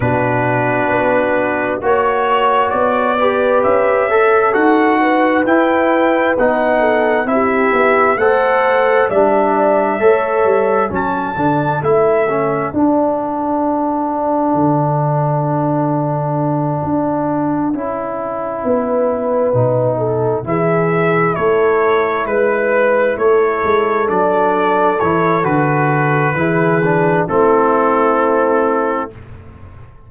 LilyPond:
<<
  \new Staff \with { instrumentName = "trumpet" } { \time 4/4 \tempo 4 = 66 b'2 cis''4 d''4 | e''4 fis''4 g''4 fis''4 | e''4 fis''4 e''2 | a''4 e''4 fis''2~ |
fis''1~ | fis''2~ fis''8 e''4 cis''8~ | cis''8 b'4 cis''4 d''4 cis''8 | b'2 a'2 | }
  \new Staff \with { instrumentName = "horn" } { \time 4/4 fis'2 cis''4. b'8~ | b'8 a'4 b'2 a'8 | g'4 c''4 d''4 cis''4 | a'1~ |
a'1~ | a'8 b'4. a'8 gis'4 a'8~ | a'8 b'4 a'2~ a'8~ | a'4 gis'4 e'2 | }
  \new Staff \with { instrumentName = "trombone" } { \time 4/4 d'2 fis'4. g'8~ | g'8 a'8 fis'4 e'4 dis'4 | e'4 a'4 d'4 a'4 | cis'8 d'8 e'8 cis'8 d'2~ |
d'2.~ d'8 e'8~ | e'4. dis'4 e'4.~ | e'2~ e'8 d'4 e'8 | fis'4 e'8 d'8 c'2 | }
  \new Staff \with { instrumentName = "tuba" } { \time 4/4 b,4 b4 ais4 b4 | cis'4 dis'4 e'4 b4 | c'8 b8 a4 g4 a8 g8 | fis8 d8 a4 d'2 |
d2~ d8 d'4 cis'8~ | cis'8 b4 b,4 e4 a8~ | a8 gis4 a8 gis8 fis4 e8 | d4 e4 a2 | }
>>